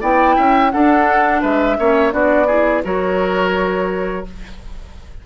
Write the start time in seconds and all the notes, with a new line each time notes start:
0.00 B3 E4 D5 G5
0.36 C#4 E5
0.70 D4 A4 F#5
1.41 G#3 B4 E5
1.78 A#3 C#4 C#5
2.10 B3 D4 F#4 D5
2.46 E4 G#4
2.83 F#3 F#4 A#4 C#5